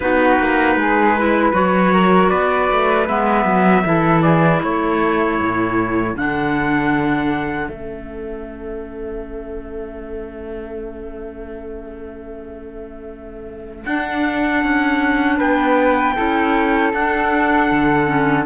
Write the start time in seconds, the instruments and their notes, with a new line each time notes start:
0.00 cello B3, clarinet D#4, flute F#4, trumpet B4
0.39 cello A#3
0.75 cello G#3, flute G#4
1.16 clarinet E4, flute B4
1.53 cello F#3, clarinet F#4, trumpet C#5
1.92 flute A#4
2.28 cello B3, flute B4, trumpet D5
2.71 cello A3
3.07 cello G#3, clarinet B3, trumpet E5
3.45 cello F#3
3.85 cello E3, clarinet E4, flute A4
4.22 flute G#4, trumpet D5
4.59 cello A3, flute A4, trumpet C#5
5.41 cello A2
6.15 cello D3, clarinet D4, trumpet F#5
7.68 cello A3, clarinet C#4, trumpet E5
13.85 clarinet D4, cello D4, trumpet F#5
14.63 cello C#4
15.37 cello B3, flute B4, trumpet G5
16.16 cello C#4, clarinet E4, flute A4
16.93 cello D4, clarinet D4, trumpet F#5
17.71 cello D3
18.05 clarinet C#4